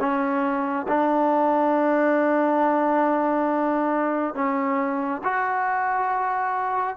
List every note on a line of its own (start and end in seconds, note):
0.00 0.87 C#4
0.88 4.35 D4
4.35 5.22 C#4
5.24 6.97 F#4